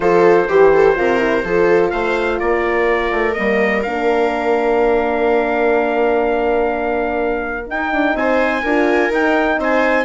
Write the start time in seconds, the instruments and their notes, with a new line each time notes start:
0.00 bassoon F3, horn F4, viola A4, trumpet C5
0.48 bassoon E3, viola G4, horn G4
0.73 viola A4
0.95 bassoon C3, horn F4, viola A#4
1.18 horn E4
1.43 bassoon F3, horn F4, viola A4
1.90 bassoon A3, viola C5, trumpet F5
2.38 bassoon A#3, viola A#4, trumpet D5
3.10 bassoon A3
3.33 bassoon G3, horn A#3, trumpet D#5
3.82 bassoon A#3, horn D4, trumpet F5
7.66 horn D#4, bassoon D#4, trumpet G5
7.92 bassoon D4
8.14 bassoon C4, viola C5, trumpet G#5
8.62 bassoon D4, horn F4, viola A#4
9.09 bassoon D#4, horn D#4, trumpet G5
9.58 bassoon C4, viola C5, trumpet G#5